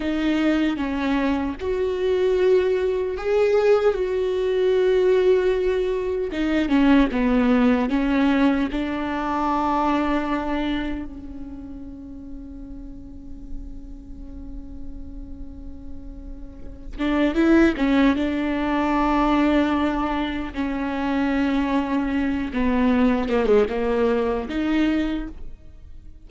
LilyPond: \new Staff \with { instrumentName = "viola" } { \time 4/4 \tempo 4 = 76 dis'4 cis'4 fis'2 | gis'4 fis'2. | dis'8 cis'8 b4 cis'4 d'4~ | d'2 cis'2~ |
cis'1~ | cis'4. d'8 e'8 cis'8 d'4~ | d'2 cis'2~ | cis'8 b4 ais16 gis16 ais4 dis'4 | }